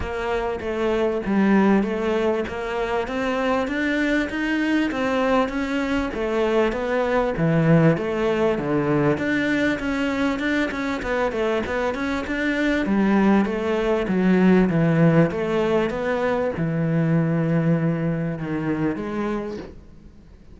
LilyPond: \new Staff \with { instrumentName = "cello" } { \time 4/4 \tempo 4 = 98 ais4 a4 g4 a4 | ais4 c'4 d'4 dis'4 | c'4 cis'4 a4 b4 | e4 a4 d4 d'4 |
cis'4 d'8 cis'8 b8 a8 b8 cis'8 | d'4 g4 a4 fis4 | e4 a4 b4 e4~ | e2 dis4 gis4 | }